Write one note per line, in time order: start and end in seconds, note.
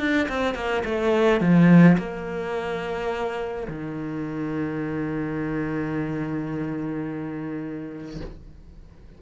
0.00 0.28 D4
0.29 0.55 C4
0.55 0.84 A#3
0.85 1.41 A3
1.41 1.98 F3
1.98 3.68 A#3
3.68 8.21 D#3